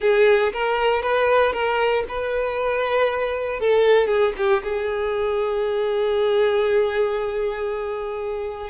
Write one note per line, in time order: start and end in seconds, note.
0.00 0.52 G#4
0.52 1.02 A#4
1.02 1.52 B4
1.52 2.04 A#4
2.08 3.59 B4
3.59 4.07 A4
4.07 4.32 G#4
4.37 4.62 G4
4.63 8.69 G#4